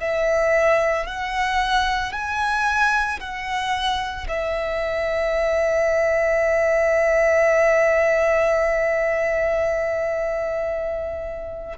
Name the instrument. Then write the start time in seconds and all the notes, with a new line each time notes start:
violin
0.00 E5
1.07 F#5
2.12 G#5
3.20 F#5
4.28 E5